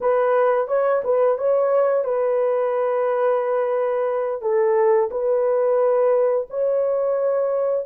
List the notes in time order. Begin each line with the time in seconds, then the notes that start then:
0.00 B4
0.67 C#5
1.04 B4
1.38 C#5
2.04 B4
4.41 A4
5.10 B4
6.50 C#5